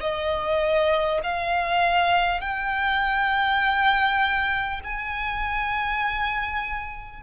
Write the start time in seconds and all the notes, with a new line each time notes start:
0.00 D#5
1.23 F5
2.41 G5
4.84 G#5